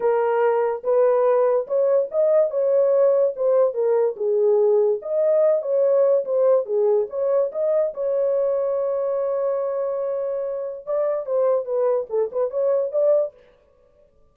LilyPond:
\new Staff \with { instrumentName = "horn" } { \time 4/4 \tempo 4 = 144 ais'2 b'2 | cis''4 dis''4 cis''2 | c''4 ais'4 gis'2 | dis''4. cis''4. c''4 |
gis'4 cis''4 dis''4 cis''4~ | cis''1~ | cis''2 d''4 c''4 | b'4 a'8 b'8 cis''4 d''4 | }